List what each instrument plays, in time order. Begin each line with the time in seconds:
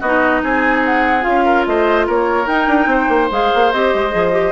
0.00 bassoon B3, clarinet D#4, oboe F#4, flute D#5
0.43 bassoon C4, oboe G#4, flute G#5
0.85 flute F#5
1.21 bassoon C#4, clarinet F4, flute F5
1.45 oboe A#4
1.66 bassoon A3, oboe C5, flute D#5
2.07 bassoon A#3, oboe A#4, flute C#5
2.47 bassoon D#4, clarinet D#4, flute G5
2.67 bassoon D4
2.86 bassoon C4, oboe C5
3.09 bassoon A#3
3.31 bassoon G#3, clarinet G#4, flute F5
3.55 bassoon A#3
3.72 bassoon C4, clarinet G4, flute D#5
3.94 bassoon G#3
4.11 bassoon F3, clarinet G#4
4.32 clarinet G4